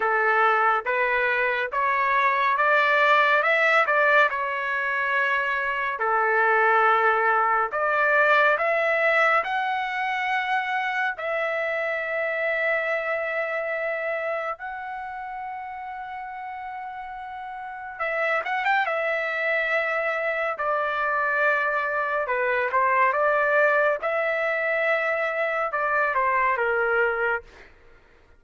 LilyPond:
\new Staff \with { instrumentName = "trumpet" } { \time 4/4 \tempo 4 = 70 a'4 b'4 cis''4 d''4 | e''8 d''8 cis''2 a'4~ | a'4 d''4 e''4 fis''4~ | fis''4 e''2.~ |
e''4 fis''2.~ | fis''4 e''8 fis''16 g''16 e''2 | d''2 b'8 c''8 d''4 | e''2 d''8 c''8 ais'4 | }